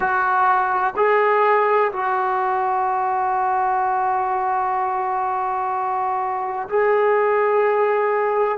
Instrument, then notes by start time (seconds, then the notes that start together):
trombone
0.00 F#4
0.96 G#4
1.92 F#4
6.69 G#4